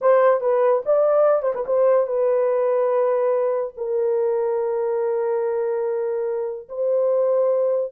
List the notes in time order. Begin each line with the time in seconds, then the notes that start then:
0.01 C5
0.40 B4
0.85 D5
1.42 C5
1.55 B4
1.66 C5
2.06 B4
3.76 A#4
6.68 C5